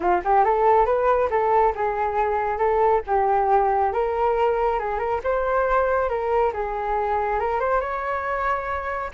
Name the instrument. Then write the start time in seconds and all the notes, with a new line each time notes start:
flute
0.00 F4
0.24 G4
0.44 A4
0.85 B4
1.29 A4
1.75 G#4
2.58 A4
3.06 G4
3.92 A#4
4.79 G#4
4.99 A#4
5.23 C5
6.09 A#4
6.53 G#4
7.39 A#4
7.60 C5
7.80 C#5